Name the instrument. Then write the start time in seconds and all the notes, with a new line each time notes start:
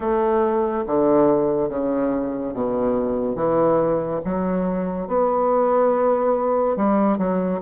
bassoon
0.00 A3
0.86 D3
1.69 C#3
2.53 B2
3.35 E3
4.24 F#3
5.07 B3
6.76 G3
7.18 F#3